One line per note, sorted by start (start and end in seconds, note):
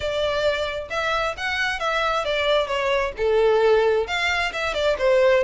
0.00 0.88 D5
0.90 1.35 E5
1.37 1.79 F#5
1.79 2.24 E5
2.24 2.67 D5
2.67 3.12 C#5
3.17 4.07 A4
4.07 4.52 F5
4.52 4.73 E5
4.73 4.96 D5
4.98 5.43 C5